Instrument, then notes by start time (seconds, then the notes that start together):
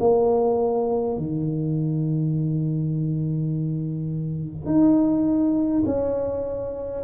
tuba
0.00 A#3
1.17 D#3
4.66 D#4
5.86 C#4